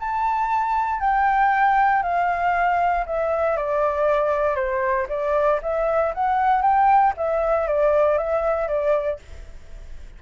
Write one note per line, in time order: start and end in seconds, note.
0.00 1.01 A5
1.01 2.03 G5
2.03 3.05 F5
3.07 3.57 E5
3.57 4.56 D5
4.56 5.07 C5
5.09 5.60 D5
5.62 6.14 E5
6.15 6.62 F#5
6.62 7.14 G5
7.17 7.68 E5
7.68 8.18 D5
8.18 8.68 E5
8.68 9.20 D5